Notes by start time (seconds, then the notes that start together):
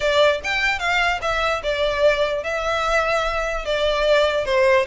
0.00 D5
0.43 G5
0.79 F5
1.21 E5
1.63 D5
2.43 E5
3.65 D5
4.45 C5